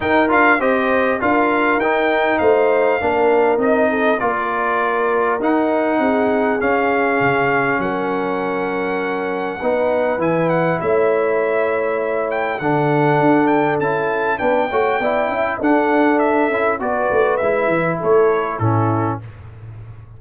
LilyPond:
<<
  \new Staff \with { instrumentName = "trumpet" } { \time 4/4 \tempo 4 = 100 g''8 f''8 dis''4 f''4 g''4 | f''2 dis''4 d''4~ | d''4 fis''2 f''4~ | f''4 fis''2.~ |
fis''4 gis''8 fis''8 e''2~ | e''8 g''8 fis''4. g''8 a''4 | g''2 fis''4 e''4 | d''4 e''4 cis''4 a'4 | }
  \new Staff \with { instrumentName = "horn" } { \time 4/4 ais'4 c''4 ais'2 | c''4 ais'4. a'8 ais'4~ | ais'2 gis'2~ | gis'4 ais'2. |
b'2 cis''2~ | cis''4 a'2. | b'8 cis''8 d''8 e''8 a'2 | b'2 a'4 e'4 | }
  \new Staff \with { instrumentName = "trombone" } { \time 4/4 dis'8 f'8 g'4 f'4 dis'4~ | dis'4 d'4 dis'4 f'4~ | f'4 dis'2 cis'4~ | cis'1 |
dis'4 e'2.~ | e'4 d'2 e'4 | d'8 fis'8 e'4 d'4. e'8 | fis'4 e'2 cis'4 | }
  \new Staff \with { instrumentName = "tuba" } { \time 4/4 dis'8 d'8 c'4 d'4 dis'4 | a4 ais4 c'4 ais4~ | ais4 dis'4 c'4 cis'4 | cis4 fis2. |
b4 e4 a2~ | a4 d4 d'4 cis'4 | b8 a8 b8 cis'8 d'4. cis'8 | b8 a8 gis8 e8 a4 a,4 | }
>>